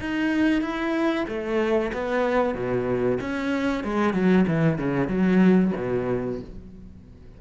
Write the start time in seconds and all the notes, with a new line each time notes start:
0.00 D#4
0.61 E4
1.28 A3
1.93 B3
2.55 B2
3.21 C#4
3.84 G#3
4.13 F#3
4.48 E3
4.78 C#3
5.08 F#3
5.77 B2